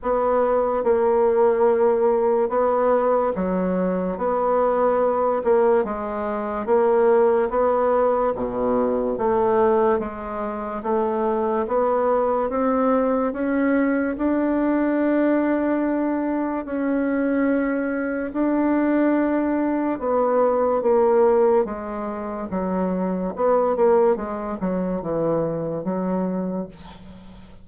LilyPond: \new Staff \with { instrumentName = "bassoon" } { \time 4/4 \tempo 4 = 72 b4 ais2 b4 | fis4 b4. ais8 gis4 | ais4 b4 b,4 a4 | gis4 a4 b4 c'4 |
cis'4 d'2. | cis'2 d'2 | b4 ais4 gis4 fis4 | b8 ais8 gis8 fis8 e4 fis4 | }